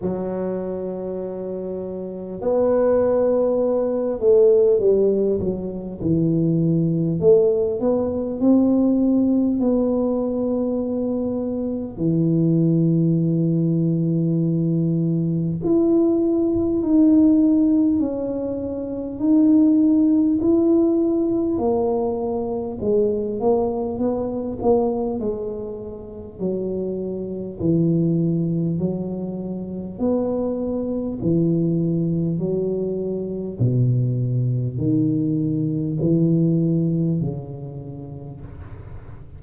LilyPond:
\new Staff \with { instrumentName = "tuba" } { \time 4/4 \tempo 4 = 50 fis2 b4. a8 | g8 fis8 e4 a8 b8 c'4 | b2 e2~ | e4 e'4 dis'4 cis'4 |
dis'4 e'4 ais4 gis8 ais8 | b8 ais8 gis4 fis4 e4 | fis4 b4 e4 fis4 | b,4 dis4 e4 cis4 | }